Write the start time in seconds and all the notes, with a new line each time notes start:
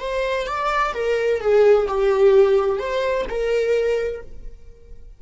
0.00 C5
0.47 D5
0.94 A#4
1.40 G#4
1.88 G4
2.79 C5
3.29 A#4